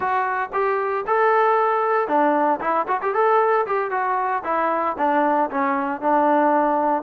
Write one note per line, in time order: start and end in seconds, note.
0.00 0.50 F#4
0.52 1.05 G4
1.06 2.08 A4
2.08 2.60 D4
2.60 2.86 E4
2.87 3.00 F#4
3.02 3.14 G4
3.14 3.66 A4
3.66 3.90 G4
3.90 4.42 F#4
4.44 4.96 E4
4.98 5.50 D4
5.50 6.01 C#4
6.01 7.02 D4